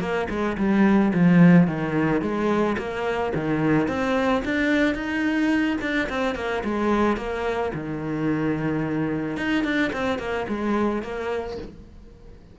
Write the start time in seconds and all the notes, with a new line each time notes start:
0.00 A#3
0.29 G#3
0.57 G3
1.13 F3
1.67 D#3
2.21 G#3
2.78 A#3
3.35 D#3
3.88 C4
4.45 D4
4.94 D#4
5.81 D4
6.09 C4
6.35 A#3
6.64 G#3
7.17 A#3
7.74 D#3
9.37 D#4
9.64 D4
9.93 C4
10.19 A#3
10.48 G#3
11.02 A#3